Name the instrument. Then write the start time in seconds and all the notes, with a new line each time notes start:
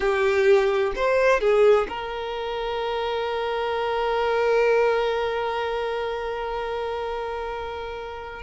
violin
0.00 G4
0.95 C5
1.40 G#4
1.88 A#4